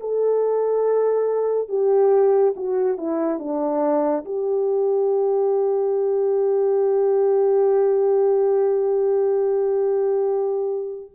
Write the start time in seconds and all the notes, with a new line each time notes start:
0.00 A4
1.68 G4
2.56 F#4
2.97 E4
3.39 D4
4.25 G4